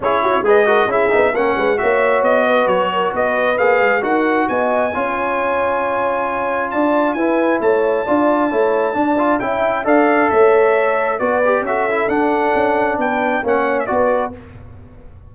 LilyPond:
<<
  \new Staff \with { instrumentName = "trumpet" } { \time 4/4 \tempo 4 = 134 cis''4 dis''4 e''4 fis''4 | e''4 dis''4 cis''4 dis''4 | f''4 fis''4 gis''2~ | gis''2. a''4 |
gis''4 a''2.~ | a''4 g''4 f''4 e''4~ | e''4 d''4 e''4 fis''4~ | fis''4 g''4 fis''8. e''16 d''4 | }
  \new Staff \with { instrumentName = "horn" } { \time 4/4 gis'8 fis'8 b'8 ais'8 gis'4 ais'8 b'8 | cis''4. b'4 ais'8 b'4~ | b'4 ais'4 dis''4 cis''4~ | cis''2. d''4 |
b'4 cis''4 d''4 cis''4 | d''4 e''4 d''4 cis''4~ | cis''4 b'4 a'2~ | a'4 b'4 cis''4 b'4 | }
  \new Staff \with { instrumentName = "trombone" } { \time 4/4 e'4 gis'8 fis'8 e'8 dis'8 cis'4 | fis'1 | gis'4 fis'2 f'4~ | f'1 |
e'2 f'4 e'4 | d'8 f'8 e'4 a'2~ | a'4 fis'8 g'8 fis'8 e'8 d'4~ | d'2 cis'4 fis'4 | }
  \new Staff \with { instrumentName = "tuba" } { \time 4/4 cis'4 gis4 cis'8 b8 ais8 gis8 | ais4 b4 fis4 b4 | ais8 gis8 dis'4 b4 cis'4~ | cis'2. d'4 |
e'4 a4 d'4 a4 | d'4 cis'4 d'4 a4~ | a4 b4 cis'4 d'4 | cis'4 b4 ais4 b4 | }
>>